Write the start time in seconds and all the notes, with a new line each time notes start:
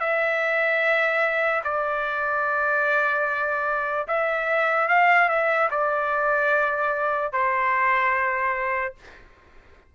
0.00 E5
1.64 D5
4.08 E5
4.88 F5
5.29 E5
5.71 D5
7.33 C5